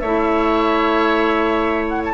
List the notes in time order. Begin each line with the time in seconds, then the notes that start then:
0.00 A3 E4 C#5 E5
1.89 F#5
2.05 A5